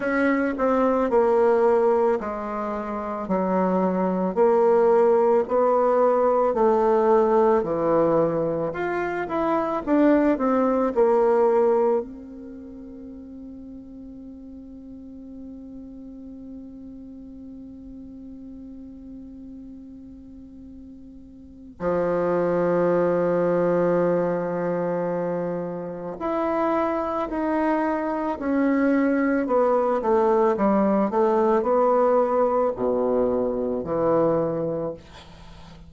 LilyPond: \new Staff \with { instrumentName = "bassoon" } { \time 4/4 \tempo 4 = 55 cis'8 c'8 ais4 gis4 fis4 | ais4 b4 a4 e4 | f'8 e'8 d'8 c'8 ais4 c'4~ | c'1~ |
c'1 | f1 | e'4 dis'4 cis'4 b8 a8 | g8 a8 b4 b,4 e4 | }